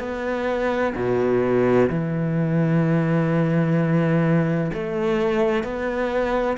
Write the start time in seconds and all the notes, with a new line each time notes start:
0.00 B3
0.96 B2
1.90 E3
4.74 A3
5.64 B3